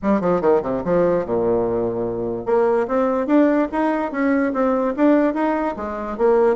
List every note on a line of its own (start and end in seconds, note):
0.02 0.20 G3
0.20 0.41 F3
0.41 0.61 D#3
0.62 0.82 C3
0.84 1.25 F3
1.25 2.45 A#2
2.45 2.86 A#3
2.87 3.26 C4
3.26 3.67 D4
3.72 4.11 D#4
4.11 4.52 C#4
4.53 4.94 C4
4.96 5.34 D4
5.34 5.75 D#4
5.76 6.17 G#3
6.17 6.55 A#3